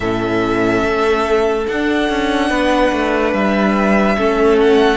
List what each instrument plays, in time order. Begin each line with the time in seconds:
0.00 cello A2, viola C#4, violin A4 E5
0.83 cello A3
1.67 cello D4, viola D4, violin F#5
2.09 cello C#4
2.50 cello B3, violin B4
2.92 cello A3
3.33 cello G3, violin E5
4.17 cello A3, viola C#4, violin A4
4.59 violin F#5